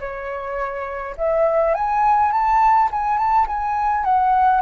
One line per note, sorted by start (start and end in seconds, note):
0.00 1.15 C#5
1.17 1.74 E5
1.74 2.32 G#5
2.32 2.90 A5
2.91 3.17 G#5
3.17 3.46 A5
3.47 4.04 G#5
4.04 4.62 F#5